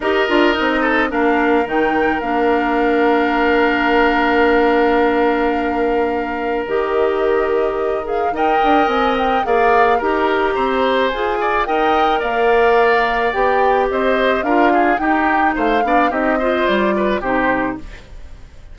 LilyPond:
<<
  \new Staff \with { instrumentName = "flute" } { \time 4/4 \tempo 4 = 108 dis''2 f''4 g''4 | f''1~ | f''1 | dis''2~ dis''8 f''8 g''4 |
gis''8 g''8 f''4 ais''2 | gis''4 g''4 f''2 | g''4 dis''4 f''4 g''4 | f''4 dis''4 d''4 c''4 | }
  \new Staff \with { instrumentName = "oboe" } { \time 4/4 ais'4. a'8 ais'2~ | ais'1~ | ais'1~ | ais'2. dis''4~ |
dis''4 d''4 ais'4 c''4~ | c''8 d''8 dis''4 d''2~ | d''4 c''4 ais'8 gis'8 g'4 | c''8 d''8 g'8 c''4 b'8 g'4 | }
  \new Staff \with { instrumentName = "clarinet" } { \time 4/4 g'8 f'8 dis'4 d'4 dis'4 | d'1~ | d'1 | g'2~ g'8 gis'8 ais'4~ |
ais'4 gis'4 g'2 | gis'4 ais'2. | g'2 f'4 dis'4~ | dis'8 d'8 dis'8 f'4. dis'4 | }
  \new Staff \with { instrumentName = "bassoon" } { \time 4/4 dis'8 d'8 c'4 ais4 dis4 | ais1~ | ais1 | dis2. dis'8 d'8 |
c'4 ais4 dis'4 c'4 | f'4 dis'4 ais2 | b4 c'4 d'4 dis'4 | a8 b8 c'4 g4 c4 | }
>>